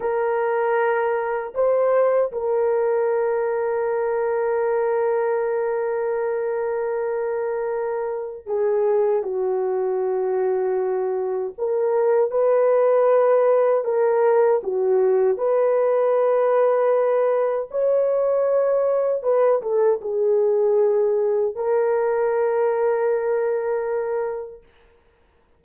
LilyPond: \new Staff \with { instrumentName = "horn" } { \time 4/4 \tempo 4 = 78 ais'2 c''4 ais'4~ | ais'1~ | ais'2. gis'4 | fis'2. ais'4 |
b'2 ais'4 fis'4 | b'2. cis''4~ | cis''4 b'8 a'8 gis'2 | ais'1 | }